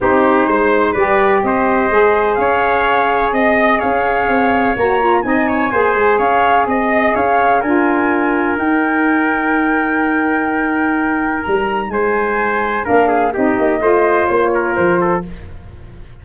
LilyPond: <<
  \new Staff \with { instrumentName = "flute" } { \time 4/4 \tempo 4 = 126 c''2 d''4 dis''4~ | dis''4 f''2 dis''4 | f''2 ais''4 gis''4~ | gis''4 f''4 dis''4 f''4 |
gis''2 g''2~ | g''1 | ais''4 gis''2 f''4 | dis''2 cis''4 c''4 | }
  \new Staff \with { instrumentName = "trumpet" } { \time 4/4 g'4 c''4 b'4 c''4~ | c''4 cis''2 dis''4 | cis''2. dis''8 cis''8 | c''4 cis''4 dis''4 cis''4 |
ais'1~ | ais'1~ | ais'4 c''2 ais'8 gis'8 | g'4 c''4. ais'4 a'8 | }
  \new Staff \with { instrumentName = "saxophone" } { \time 4/4 dis'2 g'2 | gis'1~ | gis'2 fis'8 f'8 dis'4 | gis'1 |
f'2 dis'2~ | dis'1~ | dis'2. d'4 | dis'4 f'2. | }
  \new Staff \with { instrumentName = "tuba" } { \time 4/4 c'4 gis4 g4 c'4 | gis4 cis'2 c'4 | cis'4 c'4 ais4 c'4 | ais8 gis8 cis'4 c'4 cis'4 |
d'2 dis'2~ | dis'1 | g4 gis2 ais4 | c'8 ais8 a4 ais4 f4 | }
>>